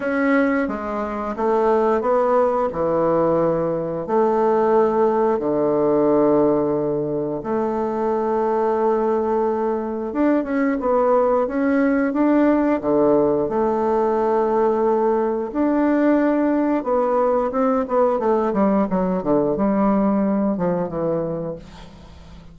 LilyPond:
\new Staff \with { instrumentName = "bassoon" } { \time 4/4 \tempo 4 = 89 cis'4 gis4 a4 b4 | e2 a2 | d2. a4~ | a2. d'8 cis'8 |
b4 cis'4 d'4 d4 | a2. d'4~ | d'4 b4 c'8 b8 a8 g8 | fis8 d8 g4. f8 e4 | }